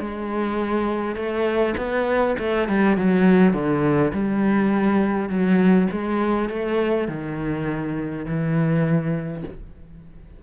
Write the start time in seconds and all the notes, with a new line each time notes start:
0.00 G#3
1.16 A3
1.77 B3
2.39 A3
2.68 G3
2.97 F#3
3.53 D3
4.13 G3
5.29 F#3
5.91 G#3
6.49 A3
7.08 D#3
8.26 E3